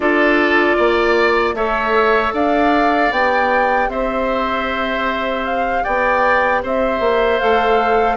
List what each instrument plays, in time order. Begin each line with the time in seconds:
0.00 bassoon D4, clarinet F4, oboe A4, flute D5
0.76 bassoon A#3, oboe D5
1.53 bassoon A3, clarinet A4, oboe C#5, flute E5
2.33 bassoon D4, oboe D5, flute F5
3.11 bassoon B3, clarinet G4, flute G5
3.88 bassoon C4, oboe C5, flute E5
5.44 flute F5
5.83 bassoon B3, oboe D5, flute G5
6.62 bassoon C4, oboe C5, flute E5
7.00 bassoon A#3
7.39 bassoon A3, clarinet A4, flute F5